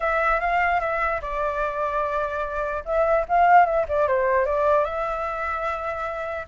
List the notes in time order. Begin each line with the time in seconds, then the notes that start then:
0.00 E5
0.40 F5
0.80 E5
1.21 D5
2.85 E5
3.28 F5
3.65 E5
3.88 D5
4.07 C5
4.45 D5
4.84 E5